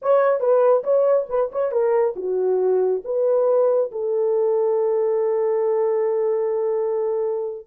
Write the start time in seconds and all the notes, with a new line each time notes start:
0.02 C#5
0.39 B4
0.83 C#5
1.29 B4
1.51 C#5
1.71 A#4
2.16 F#4
3.04 B4
3.91 A4